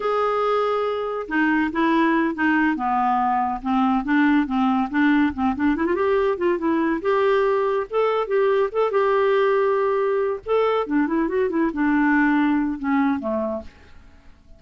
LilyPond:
\new Staff \with { instrumentName = "clarinet" } { \time 4/4 \tempo 4 = 141 gis'2. dis'4 | e'4. dis'4 b4.~ | b8 c'4 d'4 c'4 d'8~ | d'8 c'8 d'8 e'16 f'16 g'4 f'8 e'8~ |
e'8 g'2 a'4 g'8~ | g'8 a'8 g'2.~ | g'8 a'4 d'8 e'8 fis'8 e'8 d'8~ | d'2 cis'4 a4 | }